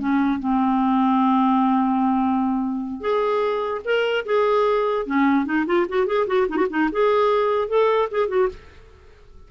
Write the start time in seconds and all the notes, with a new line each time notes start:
0.00 C#4
0.40 C4
3.01 G#4
3.85 A#4
4.26 G#4
5.07 C#4
5.46 D#4
5.67 F4
5.89 F#4
6.07 G#4
6.27 F#4
6.49 D#4
6.57 F#4
6.70 D#4
6.92 G#4
7.69 A4
8.11 G#4
8.29 F#4